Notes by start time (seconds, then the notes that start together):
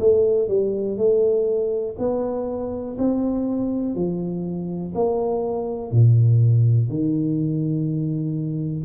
0.00 A3
0.48 G3
0.97 A3
1.99 B3
2.98 C4
3.95 F3
4.95 A#3
5.92 A#2
6.89 D#3